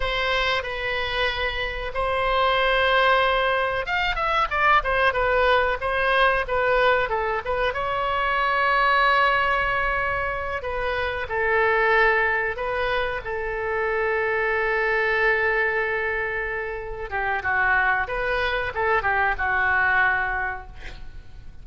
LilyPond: \new Staff \with { instrumentName = "oboe" } { \time 4/4 \tempo 4 = 93 c''4 b'2 c''4~ | c''2 f''8 e''8 d''8 c''8 | b'4 c''4 b'4 a'8 b'8 | cis''1~ |
cis''8 b'4 a'2 b'8~ | b'8 a'2.~ a'8~ | a'2~ a'8 g'8 fis'4 | b'4 a'8 g'8 fis'2 | }